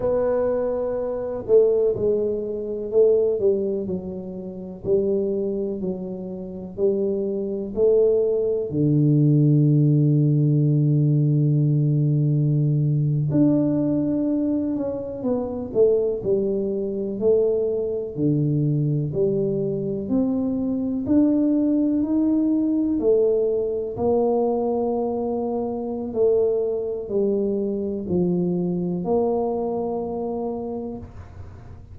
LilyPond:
\new Staff \with { instrumentName = "tuba" } { \time 4/4 \tempo 4 = 62 b4. a8 gis4 a8 g8 | fis4 g4 fis4 g4 | a4 d2.~ | d4.~ d16 d'4. cis'8 b16~ |
b16 a8 g4 a4 d4 g16~ | g8. c'4 d'4 dis'4 a16~ | a8. ais2~ ais16 a4 | g4 f4 ais2 | }